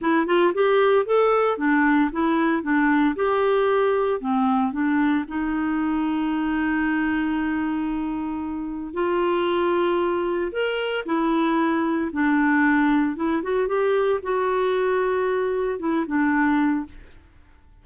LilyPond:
\new Staff \with { instrumentName = "clarinet" } { \time 4/4 \tempo 4 = 114 e'8 f'8 g'4 a'4 d'4 | e'4 d'4 g'2 | c'4 d'4 dis'2~ | dis'1~ |
dis'4 f'2. | ais'4 e'2 d'4~ | d'4 e'8 fis'8 g'4 fis'4~ | fis'2 e'8 d'4. | }